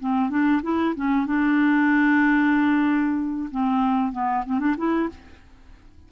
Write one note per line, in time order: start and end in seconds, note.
0.00 0.30 C4
0.30 0.62 D4
0.62 0.94 E4
0.95 1.26 C#4
1.26 3.49 D4
3.51 4.12 C4
4.12 4.44 B3
4.46 4.59 C4
4.59 4.75 D4
4.77 5.09 E4